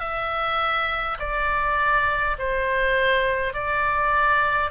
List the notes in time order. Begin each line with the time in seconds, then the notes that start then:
0.00 E5
1.19 D5
2.39 C5
3.54 D5